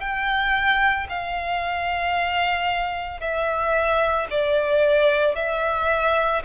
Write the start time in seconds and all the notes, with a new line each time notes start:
0.00 G5
1.09 F5
3.20 E5
4.30 D5
5.35 E5